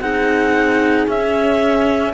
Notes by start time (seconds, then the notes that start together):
0.00 C4 D#4 G#4 F#5
1.08 C#4 E5